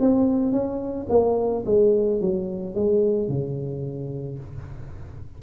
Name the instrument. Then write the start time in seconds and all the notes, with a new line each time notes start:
tuba
0.00 C4
0.52 C#4
1.10 A#3
1.66 G#3
2.21 F#3
2.75 G#3
3.29 C#3